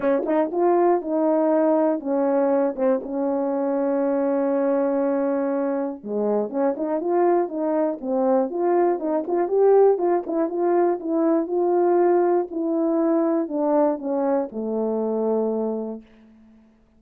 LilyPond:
\new Staff \with { instrumentName = "horn" } { \time 4/4 \tempo 4 = 120 cis'8 dis'8 f'4 dis'2 | cis'4. c'8 cis'2~ | cis'1 | gis4 cis'8 dis'8 f'4 dis'4 |
c'4 f'4 dis'8 f'8 g'4 | f'8 e'8 f'4 e'4 f'4~ | f'4 e'2 d'4 | cis'4 a2. | }